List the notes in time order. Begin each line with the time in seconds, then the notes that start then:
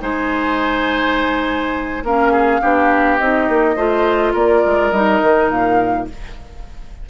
0.00 G#3 D#4 C5 G#5
2.03 A#3 C#4 A#4 F5
2.32 G#4
2.61 B3 D4 G4
3.18 C4 D#4 D#5
3.49 A#3
3.76 A3 F4 C5
4.33 A#3 A#4 D5
4.65 G#3
4.91 G3 D#4 D#5
5.22 D#3
5.50 A#2 F5